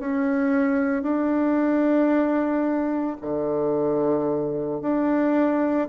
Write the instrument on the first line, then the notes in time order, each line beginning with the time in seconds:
bassoon
0.00 C#4
1.03 D4
3.21 D3
4.82 D4